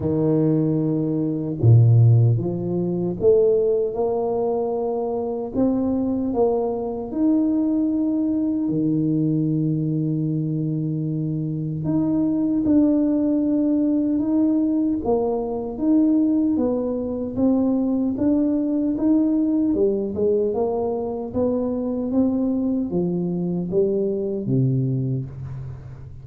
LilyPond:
\new Staff \with { instrumentName = "tuba" } { \time 4/4 \tempo 4 = 76 dis2 ais,4 f4 | a4 ais2 c'4 | ais4 dis'2 dis4~ | dis2. dis'4 |
d'2 dis'4 ais4 | dis'4 b4 c'4 d'4 | dis'4 g8 gis8 ais4 b4 | c'4 f4 g4 c4 | }